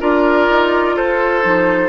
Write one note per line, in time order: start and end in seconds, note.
0.00 0.49 D4
0.00 1.42 F4
0.00 0.96 A#4
0.00 0.97 D5
0.49 0.97 D#4
0.96 1.45 F4
0.96 1.89 A4
0.96 1.89 C5
1.42 1.89 F3
1.42 1.89 D#4